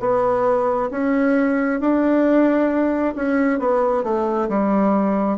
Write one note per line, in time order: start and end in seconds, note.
0.00 0.90 B3
0.90 1.80 C#4
1.80 3.14 D4
3.15 3.59 C#4
3.59 4.03 B3
4.03 4.48 A3
4.49 5.38 G3